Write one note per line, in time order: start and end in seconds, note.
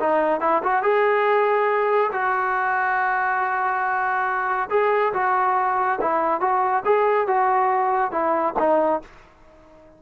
0.00 0.41 D#4
0.41 0.62 E4
0.63 0.83 F#4
0.83 2.11 G#4
2.12 4.69 F#4
4.70 5.13 G#4
5.14 5.99 F#4
6.01 6.41 E4
6.41 6.84 F#4
6.85 7.28 G#4
7.28 8.12 F#4
8.12 8.54 E4
8.59 9.02 D#4